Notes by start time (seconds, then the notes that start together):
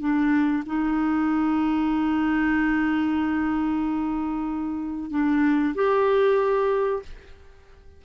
0.00 D4
0.66 D#4
5.10 D4
5.75 G4